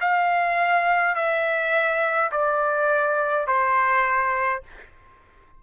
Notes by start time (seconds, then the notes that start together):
0.00 F5
1.15 E5
2.31 D5
3.47 C5